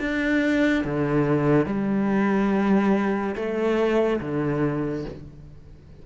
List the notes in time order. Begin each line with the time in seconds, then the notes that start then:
0.00 D4
0.85 D3
1.66 G3
3.36 A3
4.20 D3